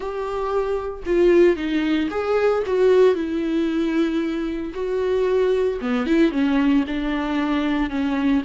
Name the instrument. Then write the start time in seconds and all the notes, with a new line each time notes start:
viola
0.00 G4
1.06 F4
1.56 D#4
2.10 G#4
2.66 F#4
3.14 E4
4.74 F#4
5.81 B3
6.06 E4
6.31 C#4
6.87 D4
7.89 C#4